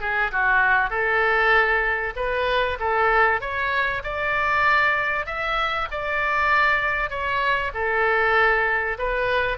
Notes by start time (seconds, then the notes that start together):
0.00 G#4
0.31 F#4
0.89 A4
2.16 B4
2.79 A4
3.40 C#5
4.03 D5
5.26 E5
5.91 D5
7.10 C#5
7.73 A4
8.98 B4